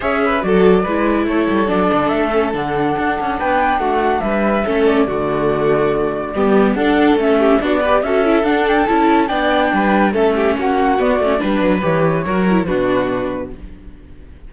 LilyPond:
<<
  \new Staff \with { instrumentName = "flute" } { \time 4/4 \tempo 4 = 142 e''4 d''2 cis''4 | d''4 e''4 fis''2 | g''4 fis''4 e''4. d''8~ | d''1 |
fis''4 e''4 d''4 e''4 | fis''8 g''8 a''4 g''2 | e''4 fis''4 d''4 b'4 | cis''2 b'2 | }
  \new Staff \with { instrumentName = "violin" } { \time 4/4 cis''8 b'8 a'4 b'4 a'4~ | a'1 | b'4 fis'4 b'4 a'4 | fis'2. g'4 |
a'4. g'8 fis'8 b'8 a'4~ | a'2 d''4 b'4 | a'8 g'8 fis'2 b'4~ | b'4 ais'4 fis'2 | }
  \new Staff \with { instrumentName = "viola" } { \time 4/4 gis'4 fis'4 e'2 | d'4. cis'8 d'2~ | d'2. cis'4 | a2. b4 |
d'4 cis'4 d'8 g'8 fis'8 e'8 | d'4 e'4 d'2 | cis'2 b8 cis'8 d'4 | g'4 fis'8 e'8 d'2 | }
  \new Staff \with { instrumentName = "cello" } { \time 4/4 cis'4 fis4 gis4 a8 g8 | fis8 d8 a4 d4 d'8 cis'8 | b4 a4 g4 a4 | d2. g4 |
d'4 a4 b4 cis'4 | d'4 cis'4 b4 g4 | a4 ais4 b8 a8 g8 fis8 | e4 fis4 b,2 | }
>>